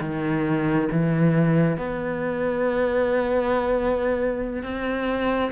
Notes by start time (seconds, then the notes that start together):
0.00 D#3
0.91 E3
1.77 B3
4.63 C4